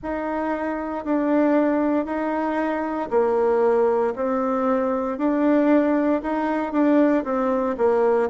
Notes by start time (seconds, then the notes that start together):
0.02 D#4
1.04 D4
2.05 D#4
3.10 A#3
4.15 C4
5.18 D4
6.22 D#4
6.72 D4
7.24 C4
7.77 A#3